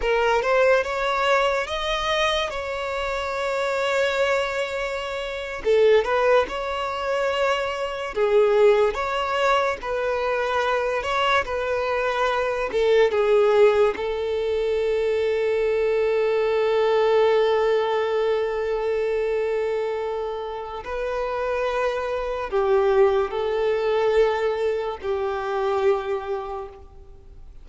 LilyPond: \new Staff \with { instrumentName = "violin" } { \time 4/4 \tempo 4 = 72 ais'8 c''8 cis''4 dis''4 cis''4~ | cis''2~ cis''8. a'8 b'8 cis''16~ | cis''4.~ cis''16 gis'4 cis''4 b'16~ | b'4~ b'16 cis''8 b'4. a'8 gis'16~ |
gis'8. a'2.~ a'16~ | a'1~ | a'4 b'2 g'4 | a'2 g'2 | }